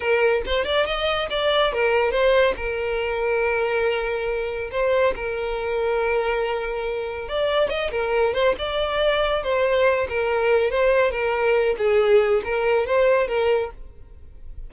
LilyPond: \new Staff \with { instrumentName = "violin" } { \time 4/4 \tempo 4 = 140 ais'4 c''8 d''8 dis''4 d''4 | ais'4 c''4 ais'2~ | ais'2. c''4 | ais'1~ |
ais'4 d''4 dis''8 ais'4 c''8 | d''2 c''4. ais'8~ | ais'4 c''4 ais'4. gis'8~ | gis'4 ais'4 c''4 ais'4 | }